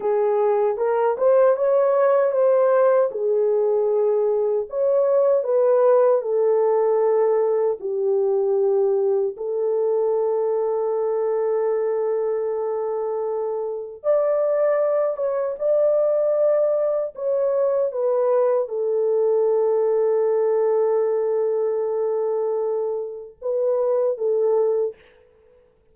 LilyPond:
\new Staff \with { instrumentName = "horn" } { \time 4/4 \tempo 4 = 77 gis'4 ais'8 c''8 cis''4 c''4 | gis'2 cis''4 b'4 | a'2 g'2 | a'1~ |
a'2 d''4. cis''8 | d''2 cis''4 b'4 | a'1~ | a'2 b'4 a'4 | }